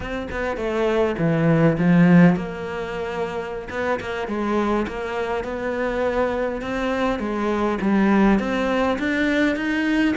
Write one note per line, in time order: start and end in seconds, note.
0.00 0.28 C4
0.31 0.56 B3
0.56 1.15 A3
1.18 1.77 E3
1.78 2.36 F3
2.36 3.68 A#3
3.70 3.99 B3
4.00 4.27 A#3
4.27 4.86 G#3
4.87 5.44 A#3
5.44 6.61 B3
6.61 7.19 C4
7.19 7.78 G#3
7.81 8.39 G3
8.39 8.98 C4
8.98 9.56 D4
9.56 10.14 D#4